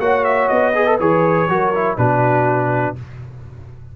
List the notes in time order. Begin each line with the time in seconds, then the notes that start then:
0.00 A#3 F#4 C#5 F#5
0.25 E5
0.49 B3 D#5
0.75 G#4 B4
0.87 A4
1.00 E3 G#4 C#5
1.49 F#3 F#4 A#4
1.75 E4
1.98 B2 D4 F#4 B4